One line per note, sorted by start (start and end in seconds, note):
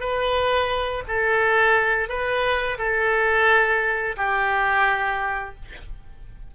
0.00 1.03 B4
1.08 2.09 A4
2.09 2.78 B4
2.78 4.16 A4
4.17 5.55 G4